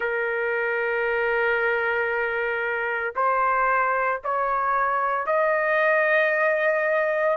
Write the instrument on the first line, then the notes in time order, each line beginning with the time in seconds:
trumpet
0.00 A#4
3.15 C5
4.23 C#5
5.26 D#5